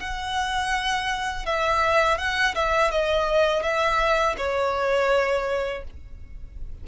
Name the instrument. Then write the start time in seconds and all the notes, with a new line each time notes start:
violin
0.00 F#5
1.46 E5
2.18 F#5
2.55 E5
2.91 D#5
3.63 E5
4.38 C#5